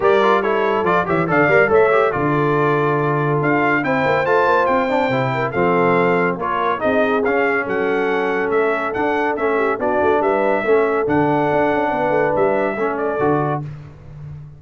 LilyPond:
<<
  \new Staff \with { instrumentName = "trumpet" } { \time 4/4 \tempo 4 = 141 d''4 cis''4 d''8 e''8 f''4 | e''4 d''2. | f''4 g''4 a''4 g''4~ | g''4 f''2 cis''4 |
dis''4 f''4 fis''2 | e''4 fis''4 e''4 d''4 | e''2 fis''2~ | fis''4 e''4. d''4. | }
  \new Staff \with { instrumentName = "horn" } { \time 4/4 ais'4 a'4. cis''8 d''4 | cis''4 a'2.~ | a'4 c''2.~ | c''8 ais'8 a'2 ais'4 |
gis'2 a'2~ | a'2~ a'8 g'8 fis'4 | b'4 a'2. | b'2 a'2 | }
  \new Staff \with { instrumentName = "trombone" } { \time 4/4 g'8 f'8 e'4 f'8 g'8 a'8 ais'8 | a'8 g'8 f'2.~ | f'4 e'4 f'4. d'8 | e'4 c'2 f'4 |
dis'4 cis'2.~ | cis'4 d'4 cis'4 d'4~ | d'4 cis'4 d'2~ | d'2 cis'4 fis'4 | }
  \new Staff \with { instrumentName = "tuba" } { \time 4/4 g2 f8 e8 d8 g8 | a4 d2. | d'4 c'8 ais8 a8 ais8 c'4 | c4 f2 ais4 |
c'4 cis'4 fis2 | a4 d'4 a4 b8 a8 | g4 a4 d4 d'8 cis'8 | b8 a8 g4 a4 d4 | }
>>